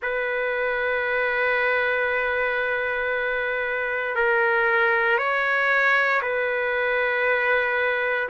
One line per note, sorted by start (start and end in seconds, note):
0.02 4.15 B4
4.15 5.17 A#4
5.17 6.21 C#5
6.22 8.29 B4